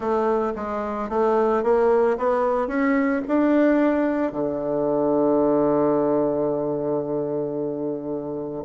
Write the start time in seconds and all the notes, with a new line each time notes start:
0.00 A3
0.55 G#3
1.09 A3
1.63 A#3
2.17 B3
2.67 C#4
3.27 D4
4.32 D3